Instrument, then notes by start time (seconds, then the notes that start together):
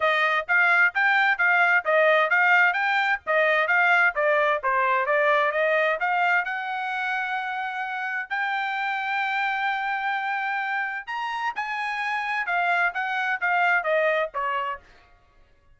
trumpet
0.00 D#5
0.47 F5
0.94 G5
1.38 F5
1.84 D#5
2.30 F5
2.73 G5
3.26 D#5
3.67 F5
4.15 D5
4.63 C5
5.06 D5
5.51 D#5
6.00 F5
6.44 F#5
8.29 G5
11.06 A#5
11.55 G#5
12.46 F5
12.94 F#5
13.40 F5
13.83 D#5
14.33 C#5